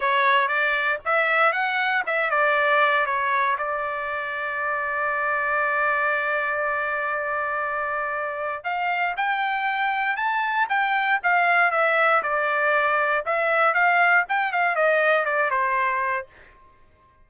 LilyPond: \new Staff \with { instrumentName = "trumpet" } { \time 4/4 \tempo 4 = 118 cis''4 d''4 e''4 fis''4 | e''8 d''4. cis''4 d''4~ | d''1~ | d''1~ |
d''4 f''4 g''2 | a''4 g''4 f''4 e''4 | d''2 e''4 f''4 | g''8 f''8 dis''4 d''8 c''4. | }